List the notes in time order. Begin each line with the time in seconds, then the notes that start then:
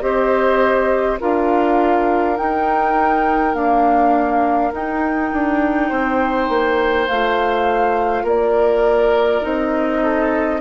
0.00 C4 G4 C5 D#5
1.20 D4 F4 A#4 F5
2.36 D#4 G5
3.53 A#3 D4 F5
4.72 D#4 G5
5.32 D4
5.88 C4 C5
6.49 A#3
7.06 A3 F4 F5
8.23 A#3 A#4 D5
9.41 C4 D#4 D#5
10.02 A4